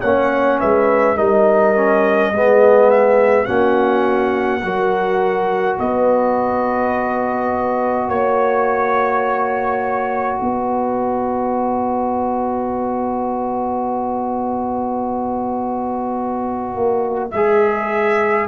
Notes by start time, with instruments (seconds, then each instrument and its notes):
0.00 tuba A#3, trombone C#4, horn C#5, trumpet F#5
0.59 tuba G#3, horn B4, trumpet E5
1.16 tuba G3, trombone D#4, horn A#4, trumpet D#5
1.75 trombone C#4
2.32 tuba G#3, trombone B3, horn G#4
2.90 trumpet E5
3.45 tuba A#3, trombone C#4, horn F#4, trumpet F#5
4.62 tuba F#3, trombone F#4, horn A#4
5.79 tuba B3, horn B4, trumpet D#5
8.08 tuba A#3, trumpet C#5, horn C#5
10.39 tuba B3, horn B4, trumpet D#5
16.75 tuba A#3
17.31 tuba G#3, trombone G#4, trumpet E5